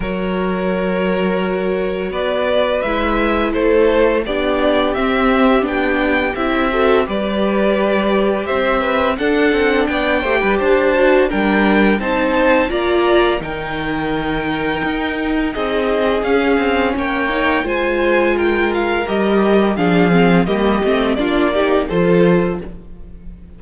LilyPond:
<<
  \new Staff \with { instrumentName = "violin" } { \time 4/4 \tempo 4 = 85 cis''2. d''4 | e''4 c''4 d''4 e''4 | g''4 e''4 d''2 | e''4 fis''4 g''4 a''4 |
g''4 a''4 ais''4 g''4~ | g''2 dis''4 f''4 | g''4 gis''4 g''8 f''8 dis''4 | f''4 dis''4 d''4 c''4 | }
  \new Staff \with { instrumentName = "violin" } { \time 4/4 ais'2. b'4~ | b'4 a'4 g'2~ | g'4. a'8 b'2 | c''8 b'8 a'4 d''8 c''16 b'16 c''4 |
ais'4 c''4 d''4 ais'4~ | ais'2 gis'2 | cis''4 c''4 ais'2 | gis'4 g'4 f'8 g'8 a'4 | }
  \new Staff \with { instrumentName = "viola" } { \time 4/4 fis'1 | e'2 d'4 c'4 | d'4 e'8 fis'8 g'2~ | g'4 d'4. g'4 fis'8 |
d'4 dis'4 f'4 dis'4~ | dis'2. cis'4~ | cis'8 dis'8 f'2 g'4 | d'8 c'8 ais8 c'8 d'8 dis'8 f'4 | }
  \new Staff \with { instrumentName = "cello" } { \time 4/4 fis2. b4 | gis4 a4 b4 c'4 | b4 c'4 g2 | c'4 d'8 c'8 b8 a16 g16 d'4 |
g4 c'4 ais4 dis4~ | dis4 dis'4 c'4 cis'8 c'8 | ais4 gis2 g4 | f4 g8 a8 ais4 f4 | }
>>